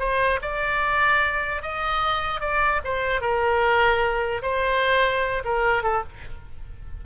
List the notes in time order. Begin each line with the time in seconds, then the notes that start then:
0.00 C5
0.42 D5
1.63 D#5
2.41 D5
2.84 C5
3.22 A#4
4.43 C5
5.45 A#4
5.83 A4